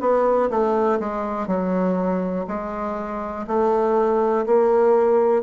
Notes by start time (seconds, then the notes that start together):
0.00 B3
0.50 A3
0.99 G#3
1.47 F#3
2.47 G#3
3.47 A3
4.46 A#3